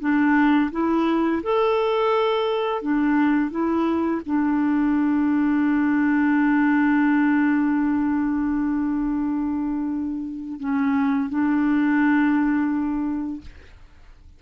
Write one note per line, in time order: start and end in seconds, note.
0.00 0.71 D4
0.72 1.42 E4
1.43 2.82 A4
2.82 3.51 D4
3.51 4.22 E4
4.26 10.60 D4
10.60 11.30 C#4
11.30 13.41 D4